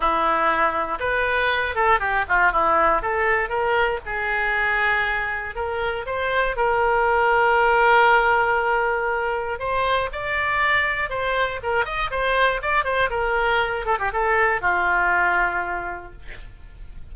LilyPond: \new Staff \with { instrumentName = "oboe" } { \time 4/4 \tempo 4 = 119 e'2 b'4. a'8 | g'8 f'8 e'4 a'4 ais'4 | gis'2. ais'4 | c''4 ais'2.~ |
ais'2. c''4 | d''2 c''4 ais'8 dis''8 | c''4 d''8 c''8 ais'4. a'16 g'16 | a'4 f'2. | }